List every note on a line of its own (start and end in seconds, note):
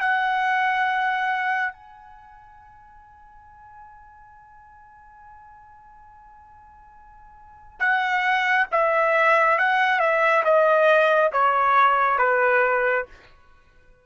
0.00 1.72 F#5
1.72 7.79 G#5
7.79 8.66 F#5
8.71 9.58 E5
9.58 9.99 F#5
9.99 10.43 E5
10.44 11.31 D#5
11.32 12.18 C#5
12.18 13.05 B4